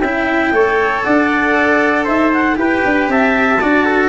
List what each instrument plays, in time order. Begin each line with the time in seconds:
0.00 tuba C#4, cello E4, trumpet E5, clarinet G5
0.52 tuba A3, cello A4, trumpet C#5
1.04 tuba D4, trumpet D5, clarinet F#5
2.05 tuba D#4, trumpet C5, clarinet E5
2.33 clarinet F#5
2.56 tuba E4, cello G4, trumpet B4, clarinet G5
2.85 tuba D4
3.08 tuba C4, trumpet E5, clarinet A5
3.61 tuba D4, cello F#4, trumpet D5
3.86 trumpet A4